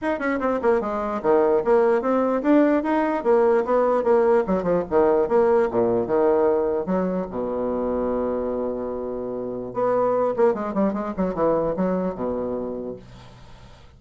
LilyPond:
\new Staff \with { instrumentName = "bassoon" } { \time 4/4 \tempo 4 = 148 dis'8 cis'8 c'8 ais8 gis4 dis4 | ais4 c'4 d'4 dis'4 | ais4 b4 ais4 fis8 f8 | dis4 ais4 ais,4 dis4~ |
dis4 fis4 b,2~ | b,1 | b4. ais8 gis8 g8 gis8 fis8 | e4 fis4 b,2 | }